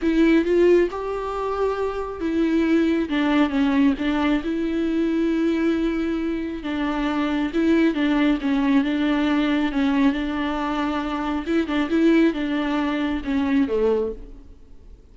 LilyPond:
\new Staff \with { instrumentName = "viola" } { \time 4/4 \tempo 4 = 136 e'4 f'4 g'2~ | g'4 e'2 d'4 | cis'4 d'4 e'2~ | e'2. d'4~ |
d'4 e'4 d'4 cis'4 | d'2 cis'4 d'4~ | d'2 e'8 d'8 e'4 | d'2 cis'4 a4 | }